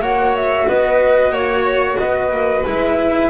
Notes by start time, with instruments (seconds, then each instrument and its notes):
0.00 double bass A#3, cello F#4, violin C#5, flute F#5
0.36 flute E5
0.68 double bass B3, violin B4, flute D#5
1.31 double bass A#3, violin C#5, flute C#5
1.98 double bass B3, violin B4, flute D#5
2.31 double bass A#3
2.65 double bass G#3, cello E4, flute E5